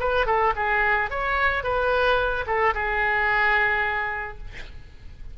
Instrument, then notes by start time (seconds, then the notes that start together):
oboe
0.00 B4
0.27 A4
0.56 G#4
1.11 C#5
1.64 B4
2.47 A4
2.74 G#4